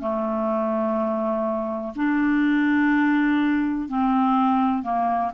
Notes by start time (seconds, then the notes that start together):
0.00 A3
1.95 D4
3.88 C4
4.83 A#3